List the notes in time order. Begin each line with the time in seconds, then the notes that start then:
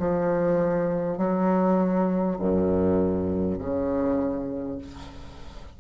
0.00 F3
1.18 F#3
2.39 F#2
3.59 C#3